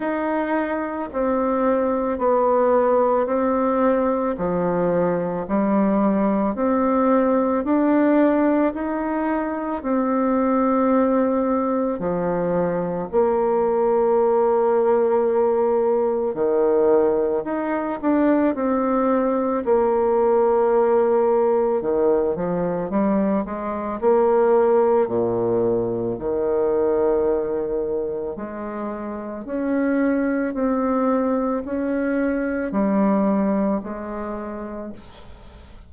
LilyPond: \new Staff \with { instrumentName = "bassoon" } { \time 4/4 \tempo 4 = 55 dis'4 c'4 b4 c'4 | f4 g4 c'4 d'4 | dis'4 c'2 f4 | ais2. dis4 |
dis'8 d'8 c'4 ais2 | dis8 f8 g8 gis8 ais4 ais,4 | dis2 gis4 cis'4 | c'4 cis'4 g4 gis4 | }